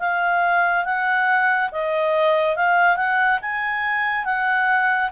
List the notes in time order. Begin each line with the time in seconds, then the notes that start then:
0.00 F5
0.85 F#5
1.72 D#5
2.57 F5
2.97 F#5
3.42 G#5
4.25 F#5